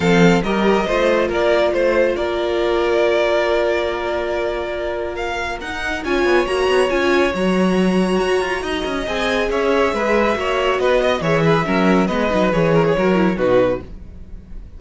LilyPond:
<<
  \new Staff \with { instrumentName = "violin" } { \time 4/4 \tempo 4 = 139 f''4 dis''2 d''4 | c''4 d''2.~ | d''1 | f''4 fis''4 gis''4 ais''4 |
gis''4 ais''2.~ | ais''4 gis''4 e''2~ | e''4 dis''4 e''2 | dis''4 cis''2 b'4 | }
  \new Staff \with { instrumentName = "violin" } { \time 4/4 a'4 ais'4 c''4 ais'4 | c''4 ais'2.~ | ais'1~ | ais'2 cis''2~ |
cis''1 | dis''2 cis''4 b'4 | cis''4 b'8 dis''8 cis''8 b'8 ais'4 | b'4. ais'16 gis'16 ais'4 fis'4 | }
  \new Staff \with { instrumentName = "viola" } { \time 4/4 c'4 g'4 f'2~ | f'1~ | f'1~ | f'4 dis'4 f'4 fis'4 |
f'4 fis'2.~ | fis'4 gis'2. | fis'2 gis'4 cis'4 | b8 dis'8 gis'4 fis'8 e'8 dis'4 | }
  \new Staff \with { instrumentName = "cello" } { \time 4/4 f4 g4 a4 ais4 | a4 ais2.~ | ais1~ | ais4 dis'4 cis'8 b8 ais8 b8 |
cis'4 fis2 fis'8 f'8 | dis'8 cis'8 c'4 cis'4 gis4 | ais4 b4 e4 fis4 | gis8 fis8 e4 fis4 b,4 | }
>>